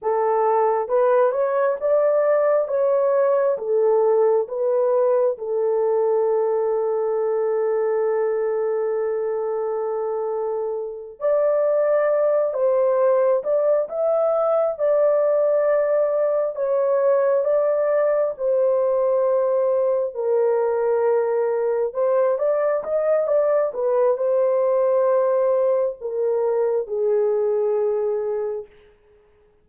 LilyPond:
\new Staff \with { instrumentName = "horn" } { \time 4/4 \tempo 4 = 67 a'4 b'8 cis''8 d''4 cis''4 | a'4 b'4 a'2~ | a'1~ | a'8 d''4. c''4 d''8 e''8~ |
e''8 d''2 cis''4 d''8~ | d''8 c''2 ais'4.~ | ais'8 c''8 d''8 dis''8 d''8 b'8 c''4~ | c''4 ais'4 gis'2 | }